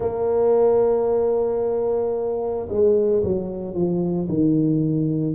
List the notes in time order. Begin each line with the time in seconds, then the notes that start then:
0.00 A#3
2.69 G#3
3.23 F#3
3.74 F3
4.29 D#3